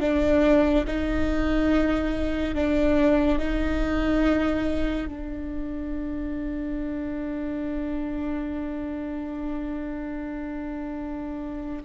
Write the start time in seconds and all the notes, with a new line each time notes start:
0.00 D4
0.87 D#4
2.55 D4
3.38 D#4
5.07 D4